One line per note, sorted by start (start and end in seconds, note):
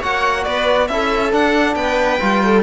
0.00 0.46 A#3
0.00 0.90 F#4
0.00 0.44 C#5
0.00 0.44 F#5
0.44 0.90 B3
0.44 0.90 B4
0.44 0.88 D5
0.88 1.33 C#4
0.88 1.32 E4
0.88 1.78 A4
0.88 1.32 E5
1.32 2.20 D4
1.32 1.76 D4
1.32 1.75 F#5
1.75 2.20 B3
1.75 2.44 B4
1.75 2.63 G5
2.20 2.63 G3
2.20 2.63 F4
2.44 2.63 A4